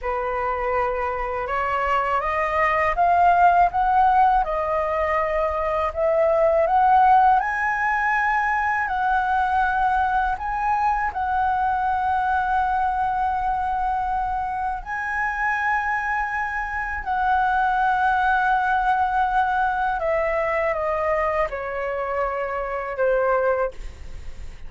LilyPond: \new Staff \with { instrumentName = "flute" } { \time 4/4 \tempo 4 = 81 b'2 cis''4 dis''4 | f''4 fis''4 dis''2 | e''4 fis''4 gis''2 | fis''2 gis''4 fis''4~ |
fis''1 | gis''2. fis''4~ | fis''2. e''4 | dis''4 cis''2 c''4 | }